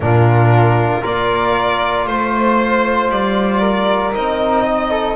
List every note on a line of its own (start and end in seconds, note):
0.00 1.02 A#2
0.00 1.02 D4
0.00 1.01 F4
0.00 1.04 A#4
1.01 2.06 A#3
1.01 4.12 F4
1.01 2.05 A#4
1.01 2.06 D5
2.06 3.10 A3
2.06 3.10 C5
2.06 3.60 C5
3.10 4.13 G3
3.10 4.14 D5
3.60 4.64 A#4
4.12 5.16 C4
4.12 5.16 D#4
4.12 5.16 D#5
4.65 4.90 D#5
4.90 5.16 A4